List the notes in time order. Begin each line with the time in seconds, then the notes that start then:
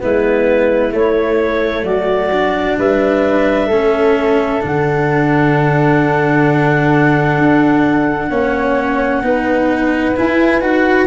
0.00 G#3 B3 E4 B4
0.92 A3 C#5
1.83 F#3 F#4 D5
2.32 D4
2.78 G3 B4 E5
3.66 A3 C#4 A4
4.61 D3 D4 F#5
7.38 D4
8.29 A#3 C#4 C#5
9.22 B3 D#4 B4
10.16 E4 G#5
10.59 D#4 F#4 F#5